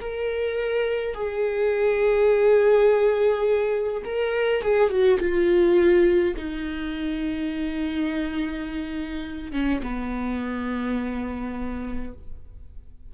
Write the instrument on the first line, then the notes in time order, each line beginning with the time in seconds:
viola
0.00 A#4
1.14 G#4
4.04 A#4
4.62 G#4
4.90 F#4
5.19 F4
6.36 D#4
9.52 C#4
9.82 B3